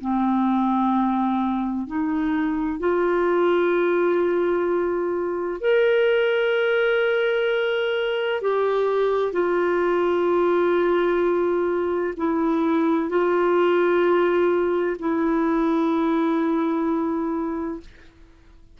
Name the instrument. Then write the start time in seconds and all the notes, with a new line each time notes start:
clarinet
0.00 C4
1.87 D#4
2.79 F4
5.60 A#4
8.41 G4
9.32 F4
12.17 E4
13.09 F4
14.99 E4